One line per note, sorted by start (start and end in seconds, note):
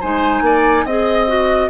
0.00 0.41 G#3
0.00 0.87 D#4
0.00 0.42 C5
0.00 0.86 G#5
0.41 0.84 A#3
0.41 0.85 D5
0.85 1.69 C4
0.85 1.27 G#4
0.85 1.70 D#5
1.27 1.70 F#4